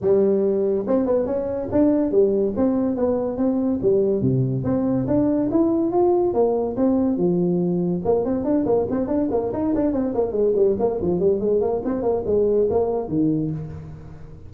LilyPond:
\new Staff \with { instrumentName = "tuba" } { \time 4/4 \tempo 4 = 142 g2 c'8 b8 cis'4 | d'4 g4 c'4 b4 | c'4 g4 c4 c'4 | d'4 e'4 f'4 ais4 |
c'4 f2 ais8 c'8 | d'8 ais8 c'8 d'8 ais8 dis'8 d'8 c'8 | ais8 gis8 g8 ais8 f8 g8 gis8 ais8 | c'8 ais8 gis4 ais4 dis4 | }